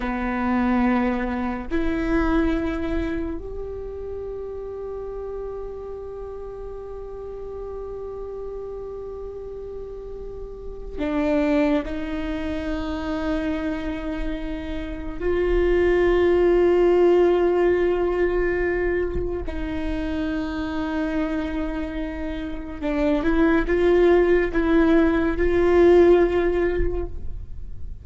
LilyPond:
\new Staff \with { instrumentName = "viola" } { \time 4/4 \tempo 4 = 71 b2 e'2 | g'1~ | g'1~ | g'4 d'4 dis'2~ |
dis'2 f'2~ | f'2. dis'4~ | dis'2. d'8 e'8 | f'4 e'4 f'2 | }